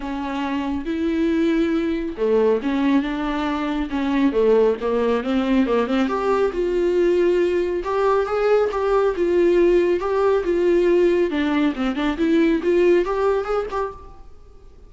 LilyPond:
\new Staff \with { instrumentName = "viola" } { \time 4/4 \tempo 4 = 138 cis'2 e'2~ | e'4 a4 cis'4 d'4~ | d'4 cis'4 a4 ais4 | c'4 ais8 c'8 g'4 f'4~ |
f'2 g'4 gis'4 | g'4 f'2 g'4 | f'2 d'4 c'8 d'8 | e'4 f'4 g'4 gis'8 g'8 | }